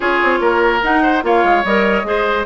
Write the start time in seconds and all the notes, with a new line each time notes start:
0.00 C#4 F4 G#4 C#5
0.23 C4
0.40 A#3 A#4
0.82 D#4 F#5
1.02 C5
1.22 A#3 F4 C#5 F5
1.43 G#3
1.64 G3 A#4 D#5
2.04 G#3 G#4 C5